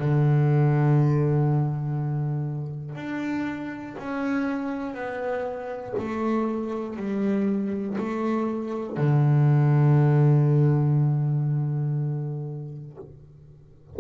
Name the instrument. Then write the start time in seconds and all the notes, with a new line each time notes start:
double bass
0.00 D3
2.96 D4
3.99 C#4
4.95 B3
5.99 A3
6.97 G3
7.98 A3
8.98 D3